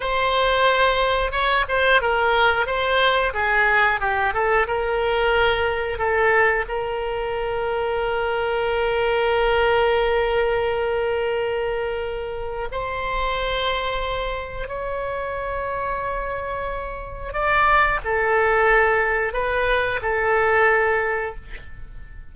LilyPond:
\new Staff \with { instrumentName = "oboe" } { \time 4/4 \tempo 4 = 90 c''2 cis''8 c''8 ais'4 | c''4 gis'4 g'8 a'8 ais'4~ | ais'4 a'4 ais'2~ | ais'1~ |
ais'2. c''4~ | c''2 cis''2~ | cis''2 d''4 a'4~ | a'4 b'4 a'2 | }